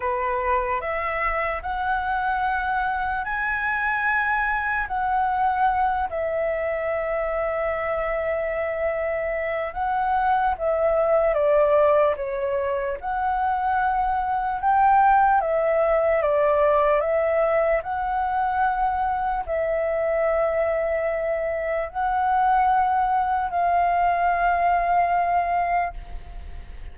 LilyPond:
\new Staff \with { instrumentName = "flute" } { \time 4/4 \tempo 4 = 74 b'4 e''4 fis''2 | gis''2 fis''4. e''8~ | e''1 | fis''4 e''4 d''4 cis''4 |
fis''2 g''4 e''4 | d''4 e''4 fis''2 | e''2. fis''4~ | fis''4 f''2. | }